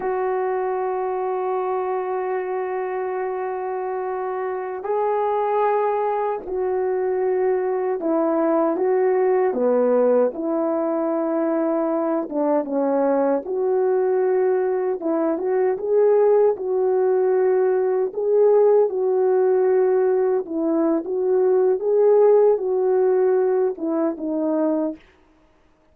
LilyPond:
\new Staff \with { instrumentName = "horn" } { \time 4/4 \tempo 4 = 77 fis'1~ | fis'2~ fis'16 gis'4.~ gis'16~ | gis'16 fis'2 e'4 fis'8.~ | fis'16 b4 e'2~ e'8 d'16~ |
d'16 cis'4 fis'2 e'8 fis'16~ | fis'16 gis'4 fis'2 gis'8.~ | gis'16 fis'2 e'8. fis'4 | gis'4 fis'4. e'8 dis'4 | }